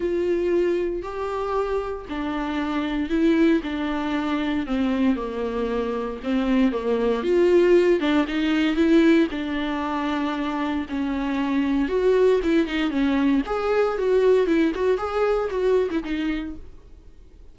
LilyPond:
\new Staff \with { instrumentName = "viola" } { \time 4/4 \tempo 4 = 116 f'2 g'2 | d'2 e'4 d'4~ | d'4 c'4 ais2 | c'4 ais4 f'4. d'8 |
dis'4 e'4 d'2~ | d'4 cis'2 fis'4 | e'8 dis'8 cis'4 gis'4 fis'4 | e'8 fis'8 gis'4 fis'8. e'16 dis'4 | }